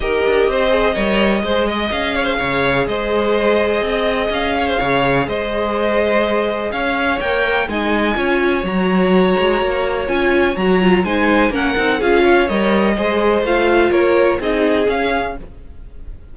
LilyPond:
<<
  \new Staff \with { instrumentName = "violin" } { \time 4/4 \tempo 4 = 125 dis''1 | f''2 dis''2~ | dis''4 f''2 dis''4~ | dis''2 f''4 g''4 |
gis''2 ais''2~ | ais''4 gis''4 ais''4 gis''4 | fis''4 f''4 dis''2 | f''4 cis''4 dis''4 f''4 | }
  \new Staff \with { instrumentName = "violin" } { \time 4/4 ais'4 c''4 cis''4 c''8 dis''8~ | dis''8 cis''16 c''16 cis''4 c''2 | dis''4. cis''16 c''16 cis''4 c''4~ | c''2 cis''2 |
dis''4 cis''2.~ | cis''2. c''4 | ais'4 gis'8 cis''4. c''4~ | c''4 ais'4 gis'2 | }
  \new Staff \with { instrumentName = "viola" } { \time 4/4 g'4. gis'8 ais'4 gis'4~ | gis'1~ | gis'1~ | gis'2. ais'4 |
dis'4 f'4 fis'2~ | fis'4 f'4 fis'8 f'8 dis'4 | cis'8 dis'8 f'4 ais'4 gis'4 | f'2 dis'4 cis'4 | }
  \new Staff \with { instrumentName = "cello" } { \time 4/4 dis'8 d'8 c'4 g4 gis4 | cis'4 cis4 gis2 | c'4 cis'4 cis4 gis4~ | gis2 cis'4 ais4 |
gis4 cis'4 fis4. gis8 | ais4 cis'4 fis4 gis4 | ais8 c'8 cis'4 g4 gis4 | a4 ais4 c'4 cis'4 | }
>>